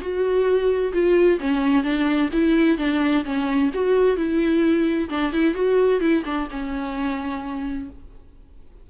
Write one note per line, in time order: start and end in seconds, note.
0.00 0.92 F#4
0.92 1.38 F4
1.39 1.83 C#4
1.83 2.29 D4
2.32 2.78 E4
2.78 3.24 D4
3.24 3.70 C#4
3.73 4.16 F#4
4.16 5.09 E4
5.09 5.32 D4
5.32 5.54 E4
5.54 6.00 F#4
6.00 6.23 E4
6.25 6.48 D4
6.50 7.89 C#4